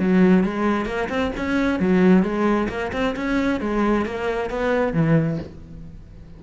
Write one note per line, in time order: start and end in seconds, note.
0.00 0.44 F#3
0.44 0.86 G#3
0.86 1.09 A#3
1.10 1.32 C4
1.37 1.80 C#4
1.80 2.23 F#3
2.23 2.68 G#3
2.69 2.92 A#3
2.93 3.16 C4
3.16 3.61 C#4
3.61 4.06 G#3
4.06 4.50 A#3
4.50 4.94 B3
4.94 5.39 E3